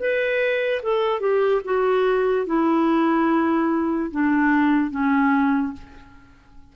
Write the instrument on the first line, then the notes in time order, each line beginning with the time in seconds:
clarinet
0.00 B4
0.83 A4
1.21 G4
1.65 F#4
2.47 E4
4.11 D4
4.91 C#4